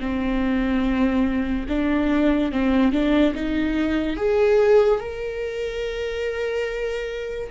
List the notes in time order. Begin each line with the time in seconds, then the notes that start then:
0.00 C4
1.69 D4
2.52 C4
2.93 D4
3.35 D#4
4.17 G#4
5.00 A#4